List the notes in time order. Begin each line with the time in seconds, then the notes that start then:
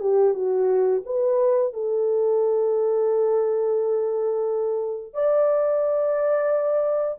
0.00 G4
0.34 F#4
1.05 B4
1.73 A4
5.14 D5